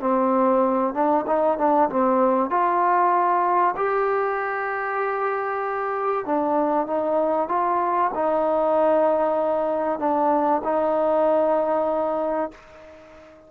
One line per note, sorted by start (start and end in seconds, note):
0.00 0.94 C4
0.94 1.25 D4
1.27 1.58 D#4
1.58 1.89 D4
1.89 2.50 C4
2.50 3.75 F4
3.76 6.25 G4
6.25 6.87 D4
6.87 7.49 D#4
7.49 8.11 F4
8.14 9.99 D#4
9.99 10.62 D4
10.64 12.51 D#4